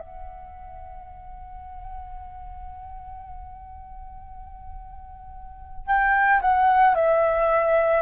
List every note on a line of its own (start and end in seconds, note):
0.00 5.87 F#5
5.87 6.40 G5
6.42 6.95 F#5
6.95 8.02 E5